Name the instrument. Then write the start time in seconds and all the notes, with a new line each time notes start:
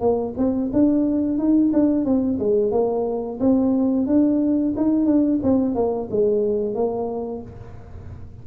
tuba
0.00 A#3
0.37 C4
0.73 D4
1.38 D#4
1.73 D4
2.05 C4
2.39 G#3
2.72 A#3
3.40 C4
4.07 D4
4.77 D#4
5.06 D4
5.43 C4
5.75 A#3
6.10 G#3
6.74 A#3